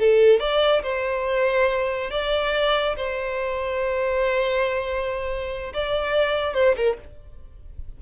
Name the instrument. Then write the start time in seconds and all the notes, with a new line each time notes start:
violin
0.00 A4
0.40 D5
0.83 C5
2.11 D5
2.97 C5
5.74 D5
6.55 C5
6.77 A#4